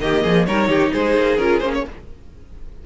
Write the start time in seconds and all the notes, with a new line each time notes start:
0.00 D#3 A#3 G4 D#5
0.23 F3 G#4
0.45 G3 D#4 A#4 C#5
0.68 D#3 G4
0.92 G#3 G#4 C5
1.16 A#3
1.36 C#4 F4 A#4
1.59 A#3 C#4 C5
1.74 C#5